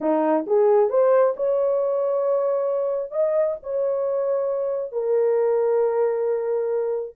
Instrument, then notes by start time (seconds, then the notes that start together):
horn
0.00 D#4
0.46 G#4
0.89 C5
1.36 C#5
3.11 D#5
3.62 C#5
4.92 A#4